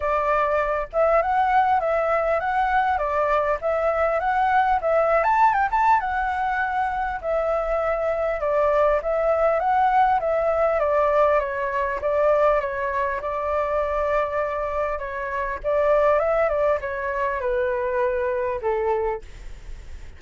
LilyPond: \new Staff \with { instrumentName = "flute" } { \time 4/4 \tempo 4 = 100 d''4. e''8 fis''4 e''4 | fis''4 d''4 e''4 fis''4 | e''8. a''8 g''16 a''8 fis''2 | e''2 d''4 e''4 |
fis''4 e''4 d''4 cis''4 | d''4 cis''4 d''2~ | d''4 cis''4 d''4 e''8 d''8 | cis''4 b'2 a'4 | }